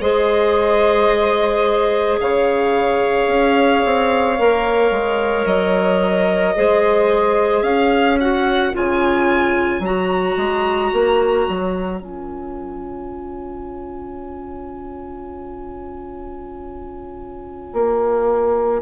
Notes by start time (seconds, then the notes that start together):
0.00 G#3 G#4 C5 D#5
2.20 C#3 C#5 F5
3.26 C#4
3.85 C4
4.38 A#3 A#4
4.90 G#3
5.45 F#3 D#5
6.55 G#3 G#4 C5
7.62 C#4 C#5 F5
8.20 F#4 F#5
8.72 C#3 F4 G#5
9.79 F#3 F#4 A#5
10.37 G#3
10.92 A#3
11.48 F#3
12.00 C#4 F4 G#5
17.72 A#3